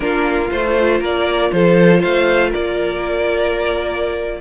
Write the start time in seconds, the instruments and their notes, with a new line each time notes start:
0.00 cello A#3, viola D4, violin F4 A#4
0.51 cello A3, viola F4, violin C5
0.98 cello A#3, violin A#4
1.05 violin D5
1.51 cello F3, violin A4 C5
1.99 cello A3, violin C5 F5
2.49 violin A#4 D5
2.55 cello A#3